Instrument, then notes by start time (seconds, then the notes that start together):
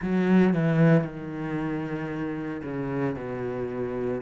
cello
0.02 F#3
0.53 E3
1.04 D#3
2.63 C#3
3.15 B2